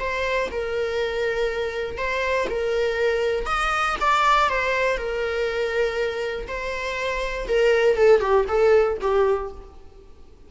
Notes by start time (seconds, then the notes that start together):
0.00 C5
0.52 A#4
1.98 C5
2.50 A#4
3.46 D#5
4.01 D5
4.50 C5
4.98 A#4
6.48 C5
7.48 A#4
7.97 A4
8.20 G4
8.48 A4
9.02 G4